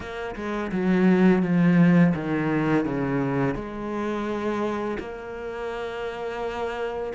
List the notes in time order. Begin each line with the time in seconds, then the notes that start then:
0.00 A#3
0.35 G#3
0.71 F#3
1.42 F3
2.14 D#3
2.85 C#3
3.55 G#3
4.99 A#3